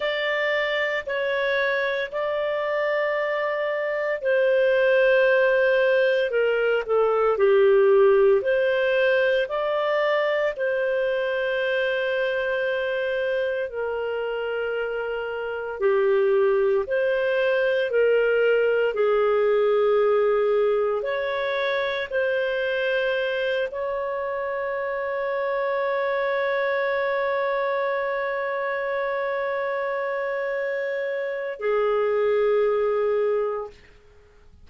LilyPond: \new Staff \with { instrumentName = "clarinet" } { \time 4/4 \tempo 4 = 57 d''4 cis''4 d''2 | c''2 ais'8 a'8 g'4 | c''4 d''4 c''2~ | c''4 ais'2 g'4 |
c''4 ais'4 gis'2 | cis''4 c''4. cis''4.~ | cis''1~ | cis''2 gis'2 | }